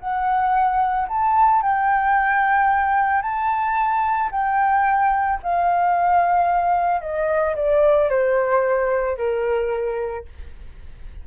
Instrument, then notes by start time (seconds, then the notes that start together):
flute
0.00 F#5
1.09 A5
1.62 G5
3.22 A5
4.32 G5
5.43 F5
7.02 D#5
7.56 D5
8.10 C5
9.18 A#4